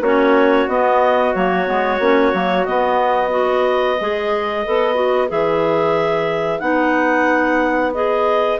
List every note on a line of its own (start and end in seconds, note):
0.00 0.66 A#3
0.00 0.68 C#4
0.00 3.31 F#4
0.00 0.68 C#5
0.68 1.34 B3
0.68 1.34 D#5
1.34 1.67 F#3
1.34 1.66 A#3
1.34 2.65 C#5
1.66 1.99 G#3
1.66 1.98 B3
1.99 2.32 A#3
1.99 2.33 C#4
2.33 2.66 F#3
2.33 2.66 A#3
2.65 3.30 B3
2.65 4.00 B3
2.65 5.29 D#5
3.30 3.95 F#4
3.30 8.59 B4
4.00 4.66 G#3
4.00 4.65 G#4
4.65 5.30 B3
4.65 4.94 A4
4.94 5.27 F#4
5.28 6.60 E3
5.28 6.60 G#4
5.28 6.59 E5
6.59 8.58 B3
6.59 7.92 D#4
6.59 7.91 F#5
7.94 8.59 G#4
7.94 8.59 D#5